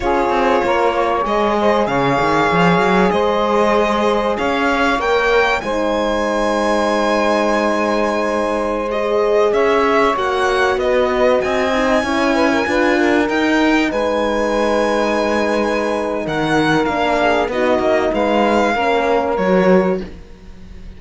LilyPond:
<<
  \new Staff \with { instrumentName = "violin" } { \time 4/4 \tempo 4 = 96 cis''2 dis''4 f''4~ | f''4 dis''2 f''4 | g''4 gis''2.~ | gis''2~ gis''16 dis''4 e''8.~ |
e''16 fis''4 dis''4 gis''4.~ gis''16~ | gis''4~ gis''16 g''4 gis''4.~ gis''16~ | gis''2 fis''4 f''4 | dis''4 f''2 cis''4 | }
  \new Staff \with { instrumentName = "saxophone" } { \time 4/4 gis'4 ais'8 cis''4 c''8 cis''4~ | cis''4 c''2 cis''4~ | cis''4 c''2.~ | c''2.~ c''16 cis''8.~ |
cis''4~ cis''16 b'4 dis''4 cis''8 b'16 | ais'16 b'8 ais'4. b'4.~ b'16~ | b'2 ais'4. gis'8 | fis'4 b'4 ais'2 | }
  \new Staff \with { instrumentName = "horn" } { \time 4/4 f'2 gis'2~ | gis'1 | ais'4 dis'2.~ | dis'2~ dis'16 gis'4.~ gis'16~ |
gis'16 fis'2~ fis'8 dis'8 e'8.~ | e'16 f'4 dis'2~ dis'8.~ | dis'2. d'4 | dis'2 cis'4 fis'4 | }
  \new Staff \with { instrumentName = "cello" } { \time 4/4 cis'8 c'8 ais4 gis4 cis8 dis8 | f8 fis8 gis2 cis'4 | ais4 gis2.~ | gis2.~ gis16 cis'8.~ |
cis'16 ais4 b4 c'4 cis'8.~ | cis'16 d'4 dis'4 gis4.~ gis16~ | gis2 dis4 ais4 | b8 ais8 gis4 ais4 fis4 | }
>>